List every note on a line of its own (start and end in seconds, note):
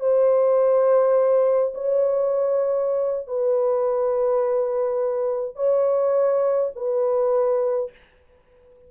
0.00 1.73 C5
1.74 3.27 C#5
3.27 5.55 B4
5.55 6.71 C#5
6.76 7.91 B4